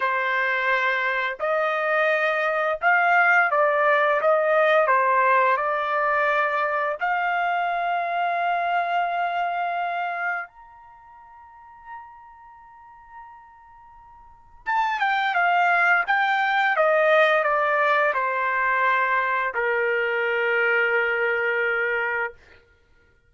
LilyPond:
\new Staff \with { instrumentName = "trumpet" } { \time 4/4 \tempo 4 = 86 c''2 dis''2 | f''4 d''4 dis''4 c''4 | d''2 f''2~ | f''2. ais''4~ |
ais''1~ | ais''4 a''8 g''8 f''4 g''4 | dis''4 d''4 c''2 | ais'1 | }